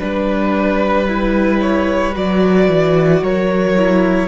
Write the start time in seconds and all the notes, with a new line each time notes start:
0.00 G3 D4 B4
1.08 E4
1.62 C#5
2.14 F#3 F#4 D5
2.69 E3
3.22 F#3 A#4 C#5
3.77 E4